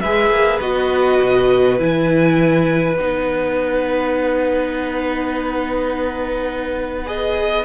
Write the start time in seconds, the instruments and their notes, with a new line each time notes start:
0.00 cello G#3, viola G#4, violin B4 E5
0.30 cello A#3
0.60 cello B3, viola F#4, violin D#5
1.21 cello B2
1.79 cello E3, viola E4, violin G#5
2.97 cello B3, viola D#4, violin F#5
7.05 viola G#4, violin D#5